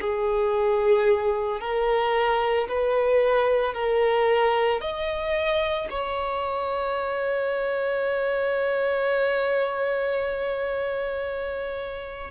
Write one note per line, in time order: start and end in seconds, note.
0.00 1.60 G#4
1.60 2.67 A#4
2.68 3.74 B4
3.74 4.81 A#4
4.81 5.88 D#5
5.90 12.31 C#5